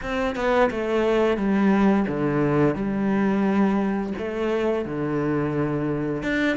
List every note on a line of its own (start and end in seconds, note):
0.02 0.35 C4
0.35 0.70 B3
0.70 1.37 A3
1.37 2.06 G3
2.07 2.75 D3
2.75 4.13 G3
4.18 4.85 A3
4.85 6.22 D3
6.22 6.56 D4